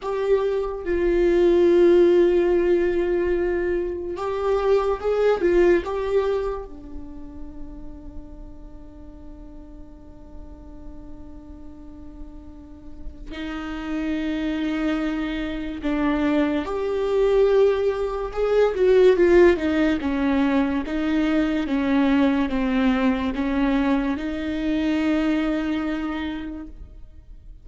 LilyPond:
\new Staff \with { instrumentName = "viola" } { \time 4/4 \tempo 4 = 72 g'4 f'2.~ | f'4 g'4 gis'8 f'8 g'4 | d'1~ | d'1 |
dis'2. d'4 | g'2 gis'8 fis'8 f'8 dis'8 | cis'4 dis'4 cis'4 c'4 | cis'4 dis'2. | }